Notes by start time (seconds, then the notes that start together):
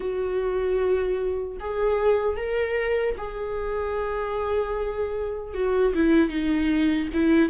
0.00 F#4
1.60 G#4
2.36 A#4
3.17 G#4
5.54 F#4
5.94 E4
6.29 D#4
7.13 E4